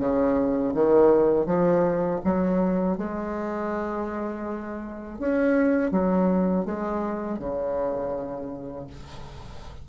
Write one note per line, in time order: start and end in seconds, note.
0.00 0.74 C#3
0.74 1.46 D#3
1.46 2.21 F3
2.25 2.98 F#3
2.98 5.19 G#3
5.19 5.92 C#4
5.92 6.66 F#3
6.66 7.39 G#3
7.39 8.88 C#3